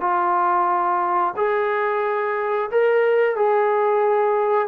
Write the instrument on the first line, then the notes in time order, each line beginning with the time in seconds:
trombone
0.00 F4
1.36 G#4
2.71 A#4
3.35 G#4